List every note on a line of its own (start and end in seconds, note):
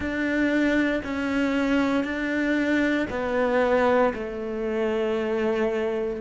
0.00 1.01 D4
1.03 2.04 C#4
2.04 3.07 D4
3.09 4.13 B3
4.14 6.20 A3